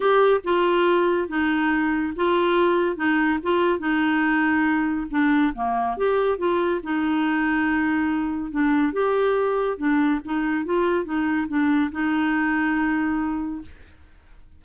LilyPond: \new Staff \with { instrumentName = "clarinet" } { \time 4/4 \tempo 4 = 141 g'4 f'2 dis'4~ | dis'4 f'2 dis'4 | f'4 dis'2. | d'4 ais4 g'4 f'4 |
dis'1 | d'4 g'2 d'4 | dis'4 f'4 dis'4 d'4 | dis'1 | }